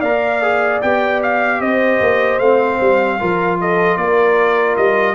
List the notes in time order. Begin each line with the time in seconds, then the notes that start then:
0.00 A#3 A#4 D5 F5
0.43 G#4
0.82 B3 G4 G5
1.23 F5
1.61 C4 C5 D#5
2.01 A#3
2.39 A3 C4 F5
2.81 G3
3.20 F3 F4 A#4
3.61 A4 D#5
3.97 A#3 A#4 D5
4.77 G3 D#5